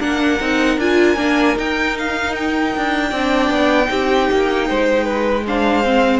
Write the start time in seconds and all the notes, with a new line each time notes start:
0.00 A#3 D4 A#4 F#5
0.41 C4 D#4
0.78 D4 F4 G#5
1.16 A#3 D4
1.56 D#4 G5
1.99 F5
2.36 G5
2.77 D4
3.10 C4 D5
3.16 D4
3.50 B3
3.86 C4 D#4 G4
4.32 A#3
4.69 G#3 C5
5.05 B4
5.47 D4 C5 F5
5.84 C4